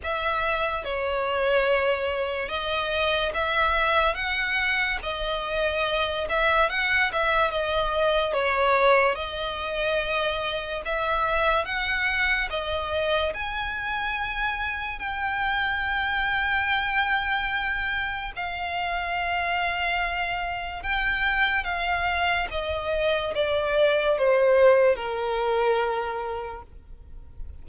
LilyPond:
\new Staff \with { instrumentName = "violin" } { \time 4/4 \tempo 4 = 72 e''4 cis''2 dis''4 | e''4 fis''4 dis''4. e''8 | fis''8 e''8 dis''4 cis''4 dis''4~ | dis''4 e''4 fis''4 dis''4 |
gis''2 g''2~ | g''2 f''2~ | f''4 g''4 f''4 dis''4 | d''4 c''4 ais'2 | }